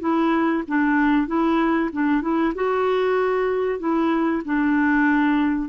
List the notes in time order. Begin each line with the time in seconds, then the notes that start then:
0.00 E4
0.67 D4
1.27 E4
1.92 D4
2.21 E4
2.54 F#4
3.79 E4
4.45 D4